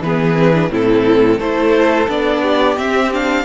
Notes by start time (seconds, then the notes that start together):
0.00 E3 B3 G#4 B4
0.36 C4
0.54 D4
0.70 A2 C4 E4 A4
1.39 A3 E4 A4 C5
2.08 B3 D4 D5
2.42 G4
2.77 C4 E5
3.13 D4 F5